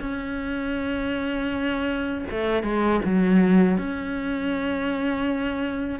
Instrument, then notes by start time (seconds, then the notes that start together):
cello
0.00 C#4
2.31 A3
2.64 G#3
3.05 F#3
3.78 C#4